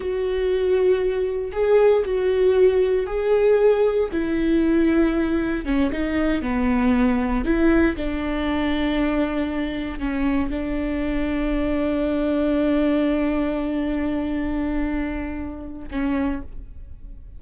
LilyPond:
\new Staff \with { instrumentName = "viola" } { \time 4/4 \tempo 4 = 117 fis'2. gis'4 | fis'2 gis'2 | e'2. cis'8 dis'8~ | dis'8 b2 e'4 d'8~ |
d'2.~ d'8 cis'8~ | cis'8 d'2.~ d'8~ | d'1~ | d'2. cis'4 | }